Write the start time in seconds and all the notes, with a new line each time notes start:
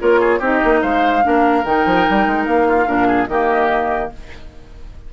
0.00 A#3 F4 A#4 C#5
0.21 G#4
0.40 C4 D#4 G4 D#5
0.64 A#3
0.83 G#3 C5 F5
1.23 A#3 D4 A#4
1.65 D#3 D#4 G5
1.86 F3
2.11 G3
2.27 G#3
2.46 A#3 F5
2.68 F4
2.86 A#2 D4 A#4
3.08 G#4
3.28 D#3 A#3 G4 D#5